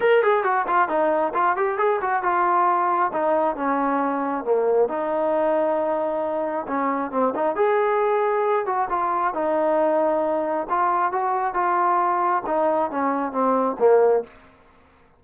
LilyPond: \new Staff \with { instrumentName = "trombone" } { \time 4/4 \tempo 4 = 135 ais'8 gis'8 fis'8 f'8 dis'4 f'8 g'8 | gis'8 fis'8 f'2 dis'4 | cis'2 ais4 dis'4~ | dis'2. cis'4 |
c'8 dis'8 gis'2~ gis'8 fis'8 | f'4 dis'2. | f'4 fis'4 f'2 | dis'4 cis'4 c'4 ais4 | }